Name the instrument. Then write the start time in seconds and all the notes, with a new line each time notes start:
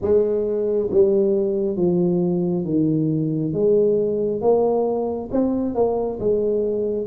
tuba
0.01 G#3
0.90 G3
1.76 F3
2.65 D#3
3.53 G#3
4.41 A#3
5.31 C4
5.74 A#3
6.19 G#3